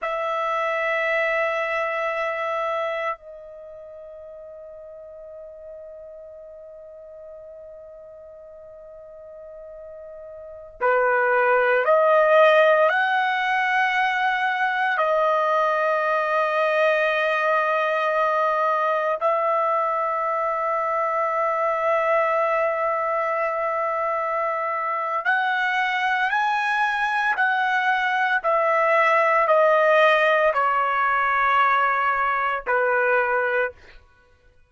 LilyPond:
\new Staff \with { instrumentName = "trumpet" } { \time 4/4 \tempo 4 = 57 e''2. dis''4~ | dis''1~ | dis''2~ dis''16 b'4 dis''8.~ | dis''16 fis''2 dis''4.~ dis''16~ |
dis''2~ dis''16 e''4.~ e''16~ | e''1 | fis''4 gis''4 fis''4 e''4 | dis''4 cis''2 b'4 | }